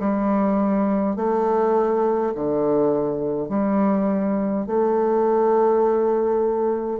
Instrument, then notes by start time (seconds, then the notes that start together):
bassoon
0.00 G3
1.17 A3
2.35 D3
3.49 G3
4.67 A3